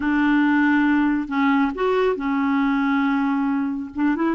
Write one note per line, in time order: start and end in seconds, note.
0.00 1.28 D4
1.28 1.71 C#4
1.75 2.16 F#4
2.16 3.90 C#4
3.95 4.15 D4
4.15 4.35 E4